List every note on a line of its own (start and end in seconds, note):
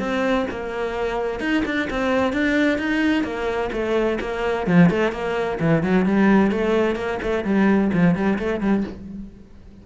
0.00 0.47 C4
0.51 1.40 A#3
1.40 1.63 D#4
1.65 1.89 D4
1.91 2.33 C4
2.33 2.79 D4
2.79 3.24 D#4
3.24 3.71 A#3
3.73 4.19 A3
4.21 4.67 A#3
4.67 4.90 F3
4.90 5.12 A3
5.12 5.59 A#3
5.60 5.83 E3
5.83 6.06 F#3
6.06 6.52 G3
6.52 6.96 A3
6.96 7.19 A#3
7.23 7.45 A3
7.45 7.91 G3
7.94 8.15 F3
8.15 8.39 G3
8.39 8.61 A3
8.61 8.84 G3